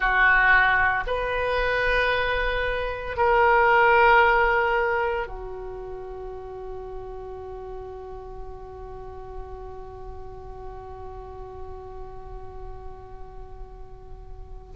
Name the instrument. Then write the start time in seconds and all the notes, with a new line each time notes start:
oboe
0.00 F#4
1.06 B4
3.16 A#4
5.26 F#4